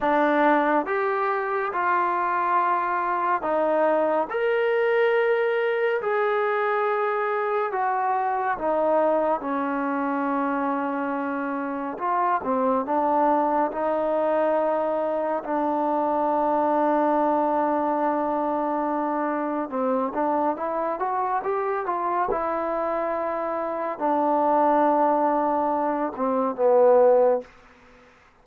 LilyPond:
\new Staff \with { instrumentName = "trombone" } { \time 4/4 \tempo 4 = 70 d'4 g'4 f'2 | dis'4 ais'2 gis'4~ | gis'4 fis'4 dis'4 cis'4~ | cis'2 f'8 c'8 d'4 |
dis'2 d'2~ | d'2. c'8 d'8 | e'8 fis'8 g'8 f'8 e'2 | d'2~ d'8 c'8 b4 | }